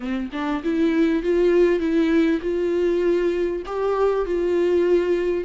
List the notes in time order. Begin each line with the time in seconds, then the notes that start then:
0.00 C4
0.32 D4
0.63 E4
1.23 F4
1.79 E4
2.41 F4
3.66 G4
4.25 F4